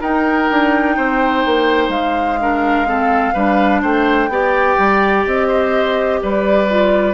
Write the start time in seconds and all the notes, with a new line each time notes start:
0.00 D#4 A#4 G5
0.50 D4
0.96 C4 C5
1.45 A#3
1.88 G#3 F5
2.40 D4 A#4
2.86 C4 A4
3.34 G3 D4 B4
3.82 A3 C5 G5
4.28 B3 G4 D5
4.78 G3
5.26 C4 D#5
5.47 C5
6.22 G3 B4 D5
6.69 F4